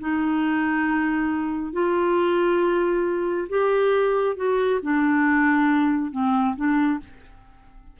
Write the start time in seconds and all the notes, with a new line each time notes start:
0.00 D#4
1.73 F4
3.49 G4
4.36 F#4
4.82 D4
6.12 C4
6.56 D4